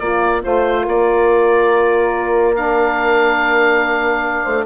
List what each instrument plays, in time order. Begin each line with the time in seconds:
0.00 bassoon A#3, saxophone A#3, horn F4, oboe D5
0.43 bassoon A3, saxophone F4, horn C5, oboe C5
0.84 bassoon A#3, horn A#4, oboe D5
2.56 saxophone D4, oboe F5
4.44 bassoon A3, horn C5